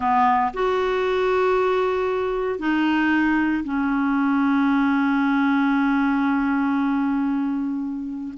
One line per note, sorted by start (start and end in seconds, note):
0.00 0.52 B3
0.53 2.59 F#4
2.59 3.63 D#4
3.64 8.33 C#4